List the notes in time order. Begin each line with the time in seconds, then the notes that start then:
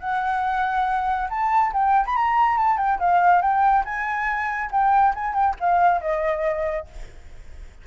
0.00 F#5
1.30 A5
1.73 G5
2.06 B5
2.16 A#5
2.58 A5
2.77 G5
2.99 F5
3.41 G5
3.85 G#5
4.71 G5
5.15 G#5
5.34 G5
5.60 F5
6.01 D#5